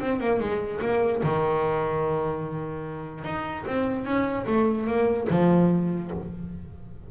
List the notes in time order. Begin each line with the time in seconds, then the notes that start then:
0.00 C4
0.20 A#3
0.40 G#3
0.82 A#3
1.23 D#3
3.24 D#4
3.66 C4
4.05 C#4
4.47 A3
4.87 A#3
5.30 F3